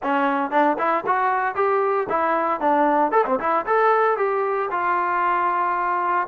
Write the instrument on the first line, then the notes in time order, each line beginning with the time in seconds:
trombone
0.02 C#4
0.51 D4
0.78 E4
1.06 F#4
1.55 G4
2.09 E4
2.60 D4
3.11 A4
3.26 C4
3.39 E4
3.66 A4
4.17 G4
4.71 F4